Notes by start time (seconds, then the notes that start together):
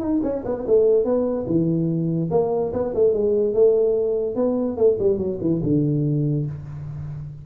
0.00 D#4
0.23 C#4
0.45 B3
0.67 A3
1.04 B3
1.47 E3
2.31 A#3
2.73 B3
2.95 A3
3.14 G#3
3.54 A3
4.35 B3
4.77 A3
4.99 G3
5.18 F#3
5.41 E3
5.63 D3